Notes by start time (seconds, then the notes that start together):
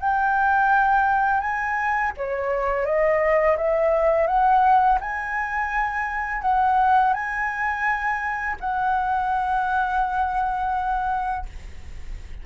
0.00 G5
1.41 G#5
2.17 C#5
2.85 D#5
3.57 E5
4.27 F#5
5.01 G#5
6.42 F#5
7.13 G#5
8.60 F#5